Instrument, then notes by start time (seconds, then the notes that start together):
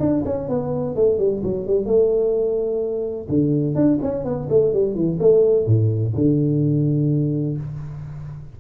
tuba
0.00 D4
0.25 C#4
0.49 B3
0.96 A3
1.18 G3
1.43 F#3
1.67 G3
1.86 A3
3.29 D3
3.75 D4
4.02 C#4
4.25 B3
4.50 A3
4.73 G3
4.95 E3
5.20 A3
5.66 A2
6.15 D3